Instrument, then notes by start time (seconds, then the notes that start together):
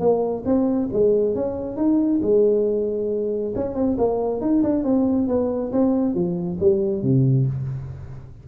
tuba
0.00 A#3
0.46 C4
0.93 G#3
1.35 C#4
1.77 D#4
2.23 G#3
3.56 C#4
3.75 C4
3.98 A#3
4.41 D#4
4.63 D4
4.84 C4
5.28 B3
5.73 C4
6.15 F3
6.61 G3
7.03 C3